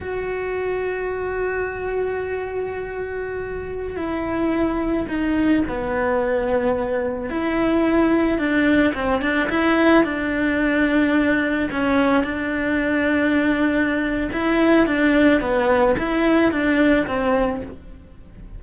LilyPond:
\new Staff \with { instrumentName = "cello" } { \time 4/4 \tempo 4 = 109 fis'1~ | fis'2.~ fis'16 e'8.~ | e'4~ e'16 dis'4 b4.~ b16~ | b4~ b16 e'2 d'8.~ |
d'16 c'8 d'8 e'4 d'4.~ d'16~ | d'4~ d'16 cis'4 d'4.~ d'16~ | d'2 e'4 d'4 | b4 e'4 d'4 c'4 | }